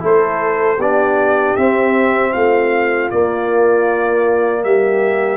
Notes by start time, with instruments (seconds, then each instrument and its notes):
0.00 tuba A3, trombone E4, horn A4, trumpet C5
0.78 tuba B3, trombone D4, horn G4, trumpet D5
1.56 tuba C4, trombone C4, trumpet E5
2.32 tuba A3, horn F4, trumpet F5
3.10 trombone A#3, tuba A#3, trumpet D5
4.64 tuba G3, horn G4, trumpet E5